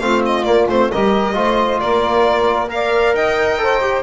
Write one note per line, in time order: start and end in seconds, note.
0.00 0.45 A3
0.00 0.45 C4
0.00 0.90 F4
0.00 0.22 F5
0.26 0.44 D#5
0.44 0.67 A#3
0.44 0.67 D5
0.69 0.91 A3
0.69 0.93 C4
0.69 0.91 C5
0.90 1.36 G3
0.90 1.34 G4
0.90 1.35 A#4
0.90 1.80 D#5
1.34 1.81 A3
1.34 2.68 F4
1.34 1.81 C5
1.80 3.14 A#3
1.80 2.70 A#4
1.80 2.70 D5
2.69 3.58 A#4
2.69 3.15 D5
2.69 3.15 F5
3.14 4.03 D#4
3.14 3.60 D#5
3.14 4.03 G5
3.58 3.81 A4
3.58 4.03 C5
3.81 4.03 G4